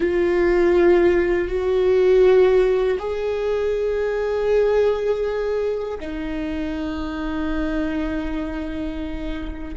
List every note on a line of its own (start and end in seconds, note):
0.00 1.48 F4
1.48 2.98 F#4
2.98 5.98 G#4
5.99 9.74 D#4